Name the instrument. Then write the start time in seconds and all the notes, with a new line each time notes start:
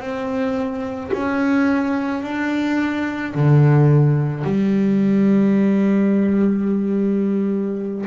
double bass
0.00 C4
1.13 C#4
2.23 D4
3.34 D3
4.44 G3